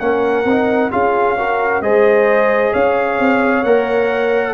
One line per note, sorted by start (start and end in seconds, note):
0.00 0.45 A#3
0.00 0.45 C#4
0.00 0.92 A#4
0.00 0.91 F#5
0.45 0.91 C4
0.45 0.91 D#4
0.91 1.81 C#4
0.91 1.37 F4
0.91 1.37 G#4
0.91 1.82 F5
1.38 1.83 F#4
1.38 1.83 A#4
1.81 2.72 G#3
1.81 3.65 G#4
1.81 2.73 C5
1.81 2.73 D#5
2.73 3.20 C#4
2.73 4.54 C#5
2.73 3.64 F5
3.20 3.64 C4
3.64 4.54 A#3
3.64 4.54 A#4
3.64 4.54 F#5